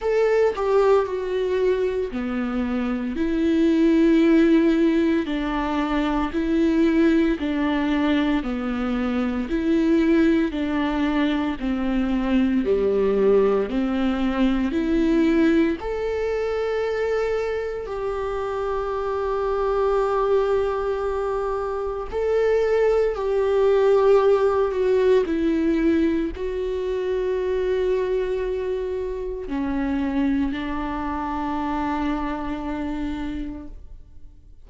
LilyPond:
\new Staff \with { instrumentName = "viola" } { \time 4/4 \tempo 4 = 57 a'8 g'8 fis'4 b4 e'4~ | e'4 d'4 e'4 d'4 | b4 e'4 d'4 c'4 | g4 c'4 e'4 a'4~ |
a'4 g'2.~ | g'4 a'4 g'4. fis'8 | e'4 fis'2. | cis'4 d'2. | }